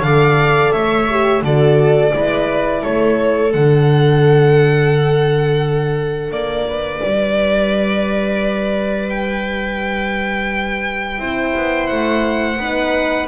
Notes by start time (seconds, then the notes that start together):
0.00 D3 A4 D5 F5
0.72 A3 C#5 E5
1.09 G4
1.42 D3 F#4 A4 D5
2.12 G#3 E4 B4
2.82 A3 A4 C#5
3.52 D3 D4 F#5
6.31 A#3 D5
6.69 B4
7.03 G3
9.10 G5
11.18 C4 E4 C5
11.56 B3
11.87 A3 F#5
12.57 B3 D#4 B4